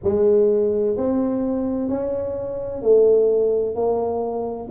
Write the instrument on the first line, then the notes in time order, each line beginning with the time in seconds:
tuba
0.03 G#3
0.96 C4
1.88 C#4
2.81 A3
3.75 A#3